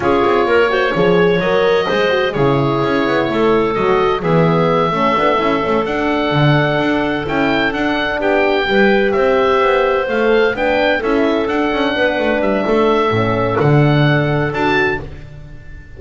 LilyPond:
<<
  \new Staff \with { instrumentName = "oboe" } { \time 4/4 \tempo 4 = 128 cis''2. dis''4~ | dis''4 cis''2. | dis''4 e''2.~ | e''8 fis''2. g''8~ |
g''8 fis''4 g''2 e''8~ | e''4. f''4 g''4 e''8~ | e''8 fis''2 e''4.~ | e''4 fis''2 a''4 | }
  \new Staff \with { instrumentName = "clarinet" } { \time 4/4 gis'4 ais'8 c''8 cis''2 | c''4 gis'2 a'4~ | a'4 gis'4. a'4.~ | a'1~ |
a'4. g'4 b'4 c''8~ | c''2~ c''8 b'4 a'8~ | a'4. b'4. a'4~ | a'1 | }
  \new Staff \with { instrumentName = "horn" } { \time 4/4 f'4. fis'8 gis'4 ais'4 | gis'8 fis'8 e'2. | fis'4 b4. cis'8 d'8 e'8 | cis'8 d'2. e'8~ |
e'8 d'2 g'4.~ | g'4. a'4 d'4 e'8~ | e'8 d'2.~ d'8 | cis'4 d'2 fis'4 | }
  \new Staff \with { instrumentName = "double bass" } { \time 4/4 cis'8 c'8 ais4 f4 fis4 | gis4 cis4 cis'8 b8 a4 | fis4 e4. a8 b8 cis'8 | a8 d'4 d4 d'4 cis'8~ |
cis'8 d'4 b4 g4 c'8~ | c'8 b4 a4 b4 cis'8~ | cis'8 d'8 cis'8 b8 a8 g8 a4 | a,4 d2 d'4 | }
>>